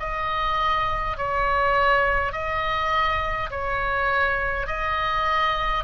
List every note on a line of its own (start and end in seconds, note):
0.00 1.18 D#5
1.18 2.33 C#5
2.33 3.50 D#5
3.51 4.67 C#5
4.67 5.84 D#5